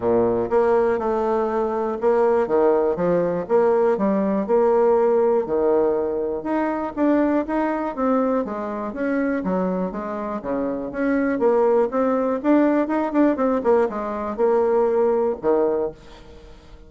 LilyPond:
\new Staff \with { instrumentName = "bassoon" } { \time 4/4 \tempo 4 = 121 ais,4 ais4 a2 | ais4 dis4 f4 ais4 | g4 ais2 dis4~ | dis4 dis'4 d'4 dis'4 |
c'4 gis4 cis'4 fis4 | gis4 cis4 cis'4 ais4 | c'4 d'4 dis'8 d'8 c'8 ais8 | gis4 ais2 dis4 | }